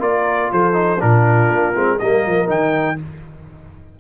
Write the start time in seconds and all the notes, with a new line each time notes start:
0.00 A#3 F4 A#4 D5
0.52 F3 A4 C5
0.73 D#4
1.00 A#2 D4 F4 A#4
1.50 A#3
1.75 G#3 C4
1.99 G3 A#3 A#4 D#5
2.27 F3
2.46 D#3 D#4 G5